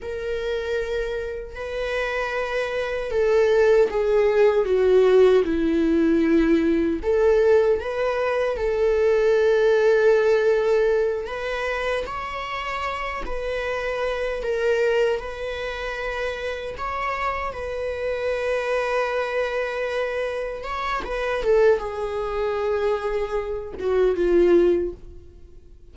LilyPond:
\new Staff \with { instrumentName = "viola" } { \time 4/4 \tempo 4 = 77 ais'2 b'2 | a'4 gis'4 fis'4 e'4~ | e'4 a'4 b'4 a'4~ | a'2~ a'8 b'4 cis''8~ |
cis''4 b'4. ais'4 b'8~ | b'4. cis''4 b'4.~ | b'2~ b'8 cis''8 b'8 a'8 | gis'2~ gis'8 fis'8 f'4 | }